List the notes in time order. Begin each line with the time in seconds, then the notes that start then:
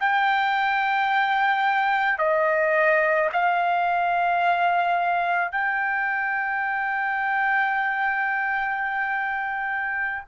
0.00 G5
2.18 D#5
3.32 F5
5.52 G5